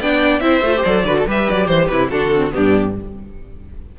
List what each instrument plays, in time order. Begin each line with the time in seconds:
0.00 cello B3, viola D4, violin D5 G5
0.40 cello C4, viola E4, violin C5 E5
0.61 cello A3, viola F4
0.76 viola G4
0.84 cello F#3, viola A4, violin D5
1.04 cello D3, viola F#4, violin B4
1.18 violin A4
1.27 cello G3, viola G4, violin B4 E5
1.50 cello F#3, violin D5
1.67 cello E3, violin C5
1.87 cello C3, violin E4 B4
2.10 cello D3, viola D4, violin F#4 A4
2.36 viola C4
2.51 cello G2, viola B3, violin D4 G4